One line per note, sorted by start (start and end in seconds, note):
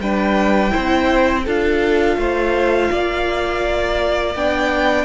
0.00 0.72 G3
0.00 0.70 D4
0.00 0.72 B4
0.00 1.46 G5
0.70 1.43 E4
0.70 1.44 C5
0.77 1.47 C4
1.45 2.17 D4
1.45 4.36 F4
1.45 2.17 A4
1.45 4.36 F5
2.17 2.90 A3
2.17 2.92 C5
2.92 4.35 A#3
2.92 5.05 D5
4.35 5.05 B3
4.35 5.05 D4
4.35 5.05 G5